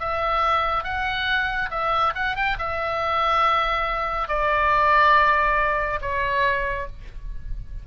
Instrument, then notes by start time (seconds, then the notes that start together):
oboe
0.00 E5
0.84 F#5
1.71 E5
2.15 F#5
2.36 G5
2.59 E5
4.29 D5
6.02 C#5